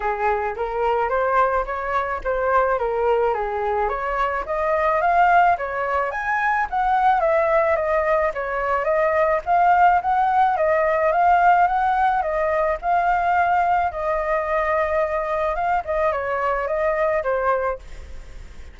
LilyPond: \new Staff \with { instrumentName = "flute" } { \time 4/4 \tempo 4 = 108 gis'4 ais'4 c''4 cis''4 | c''4 ais'4 gis'4 cis''4 | dis''4 f''4 cis''4 gis''4 | fis''4 e''4 dis''4 cis''4 |
dis''4 f''4 fis''4 dis''4 | f''4 fis''4 dis''4 f''4~ | f''4 dis''2. | f''8 dis''8 cis''4 dis''4 c''4 | }